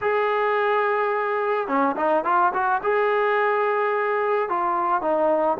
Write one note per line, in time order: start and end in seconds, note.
0.01 1.67 G#4
1.67 1.95 C#4
1.96 2.24 D#4
2.24 2.52 F4
2.53 2.81 F#4
2.82 4.49 G#4
4.49 5.01 F4
5.01 5.57 D#4